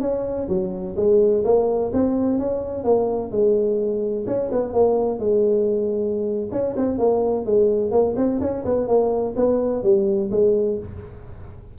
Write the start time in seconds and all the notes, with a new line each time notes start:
0.00 C#4
0.48 F#3
0.96 G#3
1.44 A#3
1.93 C4
2.38 C#4
2.83 A#3
3.31 G#3
4.26 C#4
4.51 B3
4.73 A#3
5.19 G#3
6.51 C#4
6.76 C4
6.98 A#3
7.45 G#3
7.91 A#3
8.16 C4
8.40 C#4
8.65 B3
8.87 A#3
9.35 B3
9.83 G3
10.31 G#3